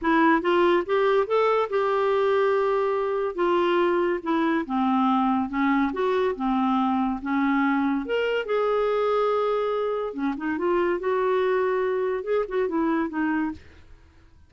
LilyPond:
\new Staff \with { instrumentName = "clarinet" } { \time 4/4 \tempo 4 = 142 e'4 f'4 g'4 a'4 | g'1 | f'2 e'4 c'4~ | c'4 cis'4 fis'4 c'4~ |
c'4 cis'2 ais'4 | gis'1 | cis'8 dis'8 f'4 fis'2~ | fis'4 gis'8 fis'8 e'4 dis'4 | }